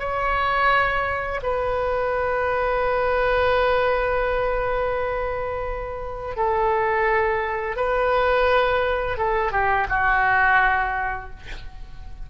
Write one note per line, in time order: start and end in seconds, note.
0.00 1.41 C#5
1.43 6.37 B4
6.37 7.77 A4
7.77 9.18 B4
9.18 9.52 A4
9.52 9.88 G4
9.90 11.31 F#4